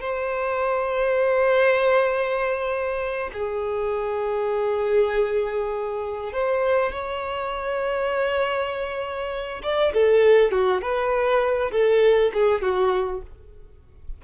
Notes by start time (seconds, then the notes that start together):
0.00 C5
3.33 G#4
6.33 C5
6.92 C#5
9.62 D5
9.93 A4
10.51 F#4
10.81 B4
11.71 A4
12.33 G#4
12.61 F#4